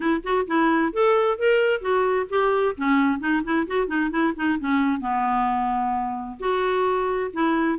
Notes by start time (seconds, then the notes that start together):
0.00 E4
0.23 F#4
0.47 E4
0.92 A4
1.38 A#4
1.81 F#4
2.29 G4
2.77 C#4
3.19 D#4
3.44 E4
3.67 F#4
3.87 D#4
4.10 E4
4.35 D#4
4.59 C#4
5.00 B3
6.39 F#4
7.33 E4